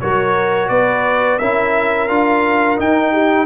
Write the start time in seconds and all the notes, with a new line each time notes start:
0.00 F#3 F#4 A#4 C#5
0.68 B3 B4 D5
1.38 C#4 E4 A#4 E5
2.08 D4 F4 F5
2.77 D#4 G5
3.12 G4